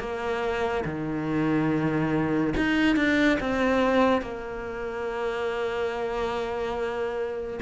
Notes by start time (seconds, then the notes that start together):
0.00 A#3
0.85 D#3
2.57 D#4
2.96 D4
3.40 C4
4.22 A#3